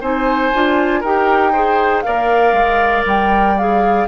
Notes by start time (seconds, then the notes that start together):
0.00 C4 D#4 C5 G#5
0.53 D4 F4
1.00 D#4 G4 A#4 G5
1.52 G#4 C5
2.01 A#3 A#4 D5 F5
2.52 G#3
3.05 G3 G5
3.58 G#4 F5